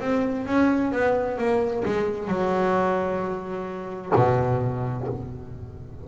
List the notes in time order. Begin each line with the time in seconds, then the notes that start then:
0.00 C4
0.46 C#4
0.92 B3
1.38 A#3
1.85 G#3
2.28 F#3
4.15 B2